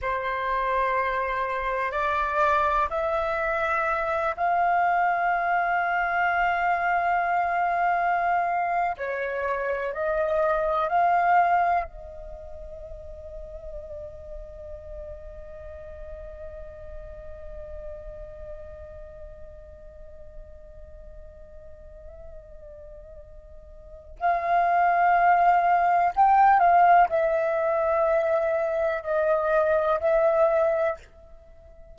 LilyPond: \new Staff \with { instrumentName = "flute" } { \time 4/4 \tempo 4 = 62 c''2 d''4 e''4~ | e''8 f''2.~ f''8~ | f''4~ f''16 cis''4 dis''4 f''8.~ | f''16 dis''2.~ dis''8.~ |
dis''1~ | dis''1~ | dis''4 f''2 g''8 f''8 | e''2 dis''4 e''4 | }